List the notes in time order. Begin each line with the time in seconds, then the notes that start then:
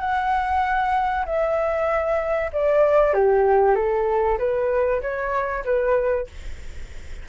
0.00 F#5
1.26 E5
2.53 D5
3.14 G4
3.75 A4
4.39 B4
5.01 C#5
5.65 B4